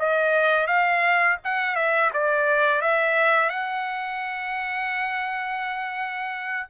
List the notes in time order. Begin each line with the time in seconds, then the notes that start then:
0.00 D#5
0.67 F5
1.44 F#5
1.76 E5
2.14 D5
2.82 E5
3.50 F#5